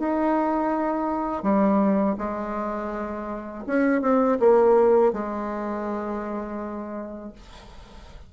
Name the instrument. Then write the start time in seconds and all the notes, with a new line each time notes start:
bassoon
0.00 D#4
1.43 G3
2.19 G#3
3.67 C#4
4.02 C4
4.40 A#3
5.13 G#3